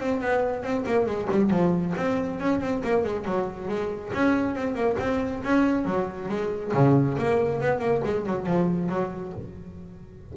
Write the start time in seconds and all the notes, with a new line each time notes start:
0.00 C4
0.21 B3
0.63 C4
0.87 A#3
1.07 G#3
1.31 G3
1.51 F3
1.97 C4
2.41 C#4
2.61 C4
2.84 A#3
3.05 G#3
3.25 F#3
3.69 G#3
4.14 C#4
4.56 C4
4.75 A#3
5.00 C4
5.44 C#4
5.86 F#3
6.29 G#3
6.74 C#3
7.18 A#3
7.61 B3
7.80 A#3
8.05 G#3
8.26 F#3
8.47 F3
8.90 F#3